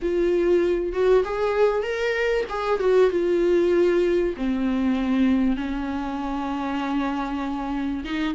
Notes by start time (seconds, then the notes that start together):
0.02 F4
0.92 F#4
1.24 G#4
1.82 A#4
2.49 G#4
2.79 F#4
3.10 F4
4.36 C4
5.56 C#4
8.04 D#4